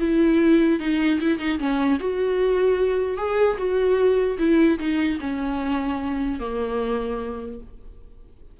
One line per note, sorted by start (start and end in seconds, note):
0.00 0.80 E4
0.80 1.20 D#4
1.21 1.39 E4
1.39 1.59 D#4
1.59 1.99 C#4
2.00 3.18 F#4
3.18 3.58 G#4
3.58 4.38 F#4
4.39 4.79 E4
4.79 5.19 D#4
5.21 6.40 C#4
6.40 7.60 A#3